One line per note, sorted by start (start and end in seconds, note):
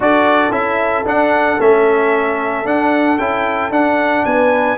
0.00 0.50 D4
0.00 0.51 F#4
0.00 4.26 A4
0.00 0.52 D5
0.50 1.04 C#4
0.50 1.04 E4
0.50 1.05 E5
1.05 1.58 D4
1.05 1.60 F#5
1.59 2.65 A3
1.59 2.64 C#4
1.59 2.66 E5
2.64 3.17 D4
2.64 3.18 D4
2.64 3.18 F#5
3.18 3.70 C#4
3.18 3.71 E4
3.18 3.71 G5
3.70 4.23 D4
3.70 4.77 D4
3.70 4.25 F#5
4.25 4.77 B3
4.25 4.77 B4
4.25 4.77 G#5